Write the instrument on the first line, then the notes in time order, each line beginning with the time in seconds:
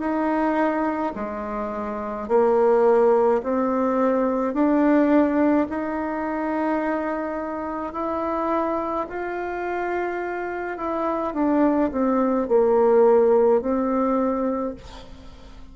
bassoon
0.00 D#4
1.16 G#3
2.28 A#3
3.43 C4
4.54 D4
5.70 D#4
7.93 E4
9.09 F4
10.78 E4
11.34 D4
11.92 C4
12.48 A#3
13.62 C4